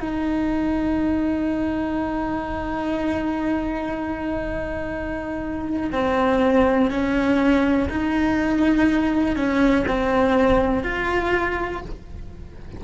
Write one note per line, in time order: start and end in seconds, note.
0.00 5.90 D#4
5.92 6.90 C4
6.90 7.88 C#4
7.89 9.36 D#4
9.36 9.85 C#4
9.88 10.83 C4
10.83 11.81 F4